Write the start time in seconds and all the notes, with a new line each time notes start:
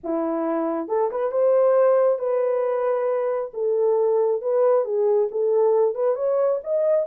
0.03 E4
0.88 A4
1.11 B4
1.31 C5
2.18 B4
3.53 A4
4.41 B4
4.84 G#4
5.31 A4
5.95 B4
6.15 C#5
6.63 D#5